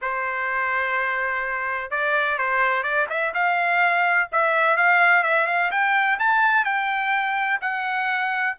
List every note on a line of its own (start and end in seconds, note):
0.01 1.90 C5
1.90 2.38 D5
2.38 2.83 C5
2.83 3.06 D5
3.09 3.33 E5
3.34 4.29 F5
4.32 4.77 E5
4.77 5.23 F5
5.23 5.46 E5
5.47 5.70 F5
5.71 6.18 G5
6.19 6.65 A5
6.65 7.60 G5
7.61 8.56 F#5